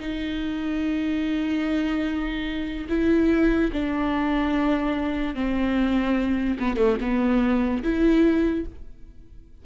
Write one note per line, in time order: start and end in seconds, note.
0.00 2.88 D#4
2.89 3.71 E4
3.73 5.35 D4
5.35 6.58 C4
6.59 6.77 B3
6.77 6.98 A3
7.01 7.83 B3
7.83 8.65 E4